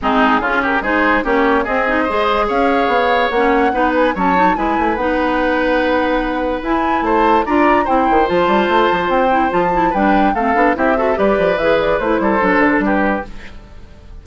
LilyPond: <<
  \new Staff \with { instrumentName = "flute" } { \time 4/4 \tempo 4 = 145 gis'4. ais'8 c''4 cis''4 | dis''2 f''2 | fis''4. gis''8 a''4 gis''4 | fis''1 |
gis''4 a''4 ais''4 g''4 | a''2 g''4 a''4 | g''4 f''4 e''4 d''4 | e''8 d''8 c''2 b'4 | }
  \new Staff \with { instrumentName = "oboe" } { \time 4/4 dis'4 f'8 g'8 gis'4 g'4 | gis'4 c''4 cis''2~ | cis''4 b'4 cis''4 b'4~ | b'1~ |
b'4 c''4 d''4 c''4~ | c''1 | b'4 a'4 g'8 a'8 b'4~ | b'4. a'4. g'4 | }
  \new Staff \with { instrumentName = "clarinet" } { \time 4/4 c'4 cis'4 dis'4 cis'4 | c'8 dis'8 gis'2. | cis'4 dis'4 cis'8 dis'8 e'4 | dis'1 |
e'2 f'4 e'4 | f'2~ f'8 e'8 f'8 e'8 | d'4 c'8 d'8 e'8 fis'8 g'4 | gis'4 e'4 d'2 | }
  \new Staff \with { instrumentName = "bassoon" } { \time 4/4 gis4 cis4 gis4 ais4 | c'4 gis4 cis'4 b4 | ais4 b4 fis4 gis8 a8 | b1 |
e'4 a4 d'4 c'8 dis8 | f8 g8 a8 f8 c'4 f4 | g4 a8 b8 c'4 g8 f8 | e4 a8 g8 fis8 d8 g4 | }
>>